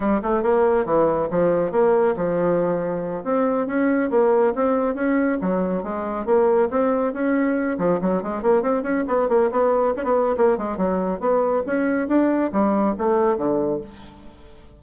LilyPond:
\new Staff \with { instrumentName = "bassoon" } { \time 4/4 \tempo 4 = 139 g8 a8 ais4 e4 f4 | ais4 f2~ f8 c'8~ | c'8 cis'4 ais4 c'4 cis'8~ | cis'8 fis4 gis4 ais4 c'8~ |
c'8 cis'4. f8 fis8 gis8 ais8 | c'8 cis'8 b8 ais8 b4 cis'16 b8. | ais8 gis8 fis4 b4 cis'4 | d'4 g4 a4 d4 | }